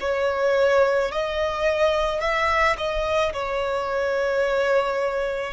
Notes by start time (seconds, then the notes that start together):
0.00 C#5
1.11 D#5
2.20 E5
2.77 D#5
3.33 C#5